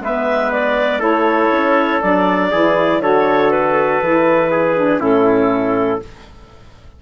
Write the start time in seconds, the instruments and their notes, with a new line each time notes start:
0.00 bassoon G#3, saxophone B3, trumpet B4, clarinet E5
0.51 clarinet D5
0.99 bassoon A3, saxophone E4, trumpet A4, clarinet C#5
1.51 bassoon C#4
2.01 bassoon F#3, saxophone D4, clarinet D5
2.50 bassoon E3, saxophone E4, trumpet G#4
3.00 bassoon D3, saxophone F#4, trumpet A4, clarinet C#5
3.51 clarinet B4
4.01 bassoon E3, saxophone E4
4.51 trumpet G#4
4.77 saxophone D4
4.99 bassoon A2, saxophone C#4, trumpet E4, clarinet A4